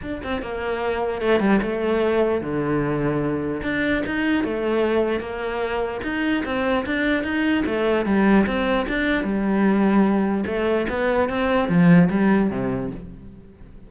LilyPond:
\new Staff \with { instrumentName = "cello" } { \time 4/4 \tempo 4 = 149 d'8 c'8 ais2 a8 g8 | a2 d2~ | d4 d'4 dis'4 a4~ | a4 ais2 dis'4 |
c'4 d'4 dis'4 a4 | g4 c'4 d'4 g4~ | g2 a4 b4 | c'4 f4 g4 c4 | }